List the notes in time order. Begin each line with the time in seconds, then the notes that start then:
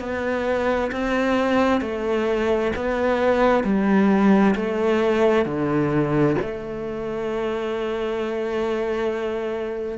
0.00 B3
0.92 C4
1.81 A3
2.76 B3
3.64 G3
4.55 A3
5.45 D3
6.42 A3